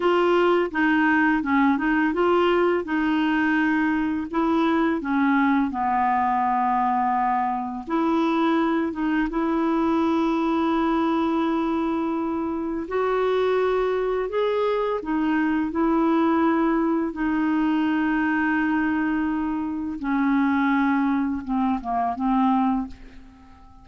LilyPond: \new Staff \with { instrumentName = "clarinet" } { \time 4/4 \tempo 4 = 84 f'4 dis'4 cis'8 dis'8 f'4 | dis'2 e'4 cis'4 | b2. e'4~ | e'8 dis'8 e'2.~ |
e'2 fis'2 | gis'4 dis'4 e'2 | dis'1 | cis'2 c'8 ais8 c'4 | }